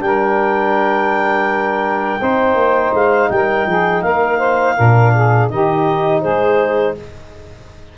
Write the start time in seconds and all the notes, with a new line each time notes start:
0.00 G3 D4 A#4 G5
2.20 C4 D#4 C5
2.55 A#3
2.93 G#3 F5
3.30 G3 A#4 G5
3.66 F3 G#4
4.02 A#3 A#4 F5
4.38 C5
4.77 A#2 D4 A#4
5.14 G#4
5.49 D#3 D#4 G4 D#5
6.21 G#3 G#4 C5